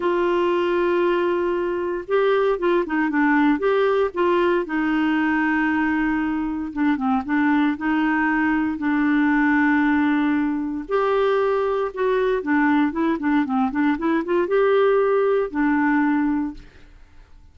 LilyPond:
\new Staff \with { instrumentName = "clarinet" } { \time 4/4 \tempo 4 = 116 f'1 | g'4 f'8 dis'8 d'4 g'4 | f'4 dis'2.~ | dis'4 d'8 c'8 d'4 dis'4~ |
dis'4 d'2.~ | d'4 g'2 fis'4 | d'4 e'8 d'8 c'8 d'8 e'8 f'8 | g'2 d'2 | }